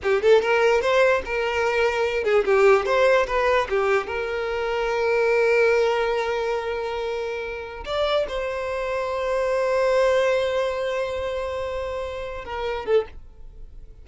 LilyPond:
\new Staff \with { instrumentName = "violin" } { \time 4/4 \tempo 4 = 147 g'8 a'8 ais'4 c''4 ais'4~ | ais'4. gis'8 g'4 c''4 | b'4 g'4 ais'2~ | ais'1~ |
ais'2.~ ais'16 d''8.~ | d''16 c''2.~ c''8.~ | c''1~ | c''2~ c''8 ais'4 a'8 | }